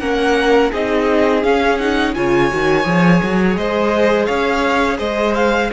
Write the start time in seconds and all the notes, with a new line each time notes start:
0.00 A#3 C#4 A#4 F#5
0.72 C4 D#4 G#4 D#5
1.43 C#4 F5
1.79 D#4 F#5
2.14 C#3 F4 C#5 G#5
2.51 D#3 F#4
2.84 F3 G#4
3.23 F#3
3.56 G#3 C5 D#5
4.26 C#4 C#5 F5
4.99 G#3 C5 D#5
5.35 F5